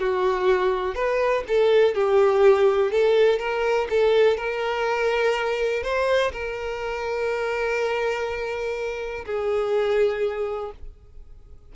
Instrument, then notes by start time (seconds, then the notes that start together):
violin
0.00 F#4
0.95 B4
1.48 A4
1.94 G4
2.91 A4
3.39 A#4
3.90 A4
4.37 A#4
5.83 C5
6.32 A#4
9.26 G#4